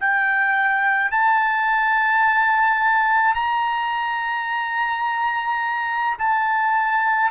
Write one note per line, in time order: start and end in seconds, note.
0.00 1.11 G5
1.11 3.34 A5
3.34 6.17 A#5
6.19 7.31 A5